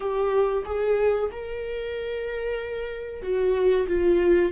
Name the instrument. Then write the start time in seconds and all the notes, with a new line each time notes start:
viola
0.00 G4
0.65 G#4
1.31 A#4
3.22 F#4
3.87 F4